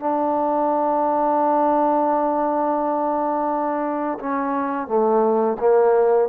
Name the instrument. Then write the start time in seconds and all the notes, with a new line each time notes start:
trombone
0.00 D4
4.20 C#4
4.87 A3
5.59 A#3